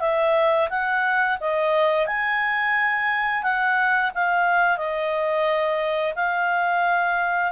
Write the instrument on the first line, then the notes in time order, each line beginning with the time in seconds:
clarinet
0.00 E5
0.70 F#5
1.40 D#5
2.06 G#5
3.43 F#5
4.14 F5
4.77 D#5
6.15 F5